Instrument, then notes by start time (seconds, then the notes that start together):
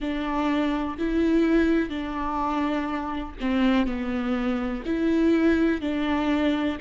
viola
0.00 D4
0.98 E4
1.89 D4
3.40 C4
3.86 B3
4.85 E4
5.81 D4